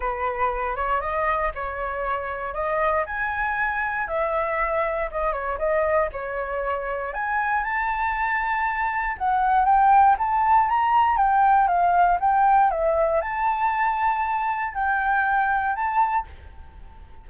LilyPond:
\new Staff \with { instrumentName = "flute" } { \time 4/4 \tempo 4 = 118 b'4. cis''8 dis''4 cis''4~ | cis''4 dis''4 gis''2 | e''2 dis''8 cis''8 dis''4 | cis''2 gis''4 a''4~ |
a''2 fis''4 g''4 | a''4 ais''4 g''4 f''4 | g''4 e''4 a''2~ | a''4 g''2 a''4 | }